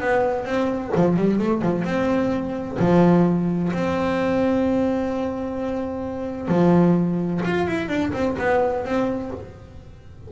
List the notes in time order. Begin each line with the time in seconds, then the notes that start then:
0.00 B3
0.44 C4
0.95 F3
1.16 G3
1.39 A3
1.61 F3
1.84 C4
2.79 F3
3.72 C4
6.48 F3
7.44 F4
7.67 E4
7.88 D4
8.13 C4
8.38 B3
8.85 C4